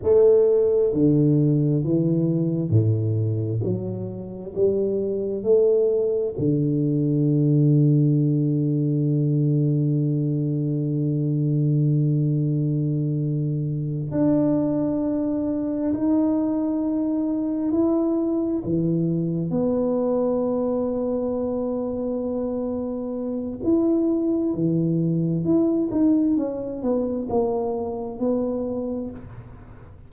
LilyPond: \new Staff \with { instrumentName = "tuba" } { \time 4/4 \tempo 4 = 66 a4 d4 e4 a,4 | fis4 g4 a4 d4~ | d1~ | d2.~ d8 d'8~ |
d'4. dis'2 e'8~ | e'8 e4 b2~ b8~ | b2 e'4 e4 | e'8 dis'8 cis'8 b8 ais4 b4 | }